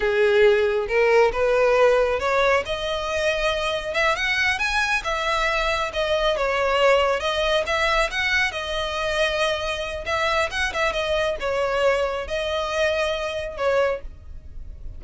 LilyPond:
\new Staff \with { instrumentName = "violin" } { \time 4/4 \tempo 4 = 137 gis'2 ais'4 b'4~ | b'4 cis''4 dis''2~ | dis''4 e''8 fis''4 gis''4 e''8~ | e''4. dis''4 cis''4.~ |
cis''8 dis''4 e''4 fis''4 dis''8~ | dis''2. e''4 | fis''8 e''8 dis''4 cis''2 | dis''2. cis''4 | }